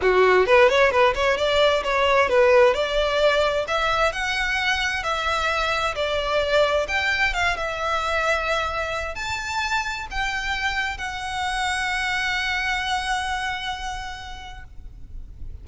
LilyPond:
\new Staff \with { instrumentName = "violin" } { \time 4/4 \tempo 4 = 131 fis'4 b'8 cis''8 b'8 cis''8 d''4 | cis''4 b'4 d''2 | e''4 fis''2 e''4~ | e''4 d''2 g''4 |
f''8 e''2.~ e''8 | a''2 g''2 | fis''1~ | fis''1 | }